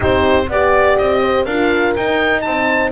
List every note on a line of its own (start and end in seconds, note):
0.00 0.49 C4
0.00 0.45 D#4
0.00 0.48 G4
0.00 0.50 C5
0.49 0.97 B3
0.49 1.48 G4
0.49 1.21 D5
0.49 0.98 D5
0.98 1.45 C4
0.98 1.45 D#5
1.21 1.44 C5
1.44 1.94 D4
1.44 1.97 F4
1.44 2.42 A#4
1.44 1.93 F5
1.96 2.45 D#4
1.96 2.92 D#4
1.96 2.41 G5
2.41 2.92 C4
2.41 2.92 C5
2.41 2.89 A5